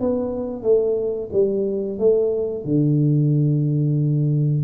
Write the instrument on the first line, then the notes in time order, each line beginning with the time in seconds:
tuba
0.00 B3
0.63 A3
1.32 G3
1.99 A3
2.64 D3